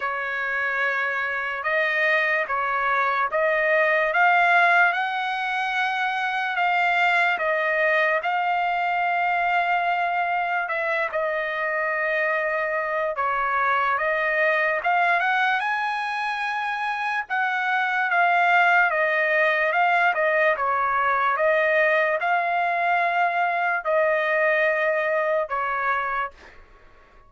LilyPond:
\new Staff \with { instrumentName = "trumpet" } { \time 4/4 \tempo 4 = 73 cis''2 dis''4 cis''4 | dis''4 f''4 fis''2 | f''4 dis''4 f''2~ | f''4 e''8 dis''2~ dis''8 |
cis''4 dis''4 f''8 fis''8 gis''4~ | gis''4 fis''4 f''4 dis''4 | f''8 dis''8 cis''4 dis''4 f''4~ | f''4 dis''2 cis''4 | }